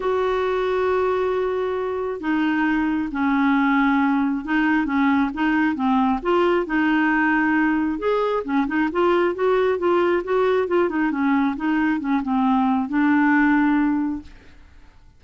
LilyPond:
\new Staff \with { instrumentName = "clarinet" } { \time 4/4 \tempo 4 = 135 fis'1~ | fis'4 dis'2 cis'4~ | cis'2 dis'4 cis'4 | dis'4 c'4 f'4 dis'4~ |
dis'2 gis'4 cis'8 dis'8 | f'4 fis'4 f'4 fis'4 | f'8 dis'8 cis'4 dis'4 cis'8 c'8~ | c'4 d'2. | }